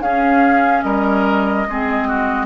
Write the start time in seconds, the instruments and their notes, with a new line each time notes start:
0.00 bassoon C#4, clarinet C#4, oboe G#4, flute F5
0.82 bassoon G3, oboe A#4, flute D#5
1.67 bassoon G#3, clarinet C4, oboe G#4
2.08 oboe F#4